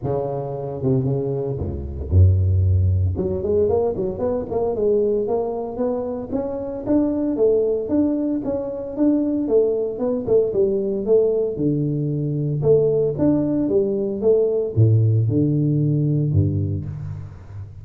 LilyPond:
\new Staff \with { instrumentName = "tuba" } { \time 4/4 \tempo 4 = 114 cis4. c8 cis4 cis,4 | fis,2 fis8 gis8 ais8 fis8 | b8 ais8 gis4 ais4 b4 | cis'4 d'4 a4 d'4 |
cis'4 d'4 a4 b8 a8 | g4 a4 d2 | a4 d'4 g4 a4 | a,4 d2 g,4 | }